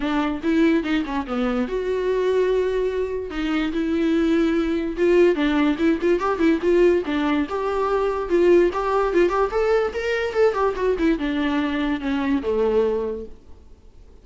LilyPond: \new Staff \with { instrumentName = "viola" } { \time 4/4 \tempo 4 = 145 d'4 e'4 dis'8 cis'8 b4 | fis'1 | dis'4 e'2. | f'4 d'4 e'8 f'8 g'8 e'8 |
f'4 d'4 g'2 | f'4 g'4 f'8 g'8 a'4 | ais'4 a'8 g'8 fis'8 e'8 d'4~ | d'4 cis'4 a2 | }